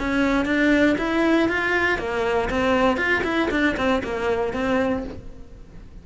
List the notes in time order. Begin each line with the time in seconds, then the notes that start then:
0.00 C#4
0.46 D4
0.98 E4
1.49 F4
1.99 A#3
2.50 C4
2.97 F4
3.24 E4
3.51 D4
3.77 C4
4.04 A#3
4.54 C4